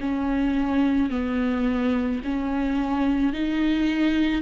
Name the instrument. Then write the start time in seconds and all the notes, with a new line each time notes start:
viola
0.00 C#4
1.10 B3
2.24 C#4
3.33 D#4